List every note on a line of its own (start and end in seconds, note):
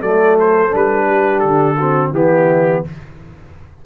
0.00 0.72 F#3
0.00 0.69 A3
0.00 1.06 A4
0.00 0.37 D5
0.40 0.75 C5
0.69 1.44 G3
0.69 1.75 D4
0.76 1.39 B4
1.07 1.77 G4
1.39 2.11 D3
1.39 2.10 A4
1.77 2.14 C4
1.77 2.12 F#4
2.11 2.82 E3
2.11 2.85 B3
2.11 2.85 E4
2.11 2.85 G4